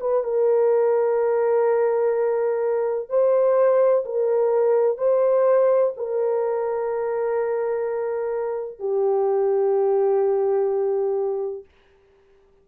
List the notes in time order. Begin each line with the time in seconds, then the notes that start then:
0.00 B4
0.24 A#4
3.09 C5
4.06 A#4
4.98 C5
5.97 A#4
8.79 G4